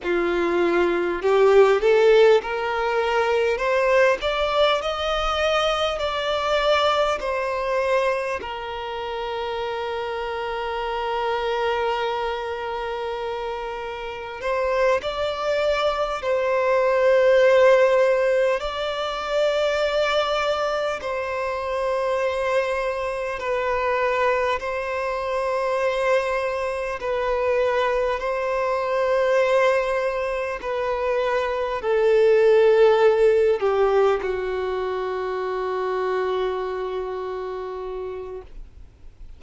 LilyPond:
\new Staff \with { instrumentName = "violin" } { \time 4/4 \tempo 4 = 50 f'4 g'8 a'8 ais'4 c''8 d''8 | dis''4 d''4 c''4 ais'4~ | ais'1 | c''8 d''4 c''2 d''8~ |
d''4. c''2 b'8~ | b'8 c''2 b'4 c''8~ | c''4. b'4 a'4. | g'8 fis'2.~ fis'8 | }